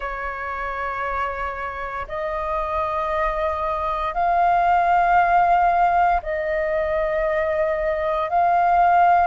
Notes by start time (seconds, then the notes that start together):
0.00 C#5
2.08 D#5
4.14 F5
6.22 D#5
8.29 F5